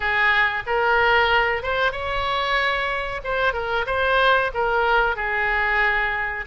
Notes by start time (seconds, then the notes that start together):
0.00 G#4
0.66 A#4
1.62 C5
1.92 C#5
3.23 C5
3.53 A#4
3.86 C5
4.54 A#4
5.16 G#4